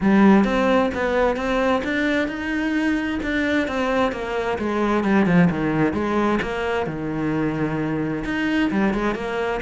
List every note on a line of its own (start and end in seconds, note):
0.00 0.44 G3
0.44 0.90 C4
0.94 1.36 B3
1.36 1.82 C4
1.84 2.28 D4
2.28 3.19 D#4
3.22 3.67 D4
3.67 4.12 C4
4.12 4.58 A#3
4.58 5.04 G#3
5.04 5.26 G3
5.26 5.49 F3
5.50 5.93 D#3
5.93 6.39 G#3
6.41 6.86 A#3
6.86 8.24 D#3
8.24 8.70 D#4
8.70 8.93 G3
8.93 9.15 G#3
9.15 9.60 A#3